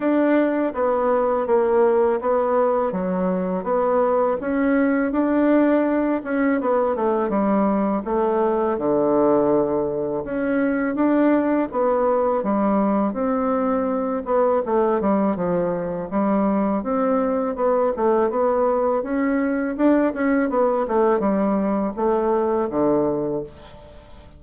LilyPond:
\new Staff \with { instrumentName = "bassoon" } { \time 4/4 \tempo 4 = 82 d'4 b4 ais4 b4 | fis4 b4 cis'4 d'4~ | d'8 cis'8 b8 a8 g4 a4 | d2 cis'4 d'4 |
b4 g4 c'4. b8 | a8 g8 f4 g4 c'4 | b8 a8 b4 cis'4 d'8 cis'8 | b8 a8 g4 a4 d4 | }